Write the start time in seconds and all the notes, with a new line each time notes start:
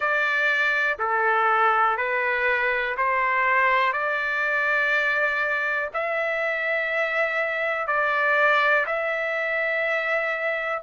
0.00 D5
0.98 A4
1.97 B4
2.97 C5
3.93 D5
5.93 E5
7.87 D5
8.86 E5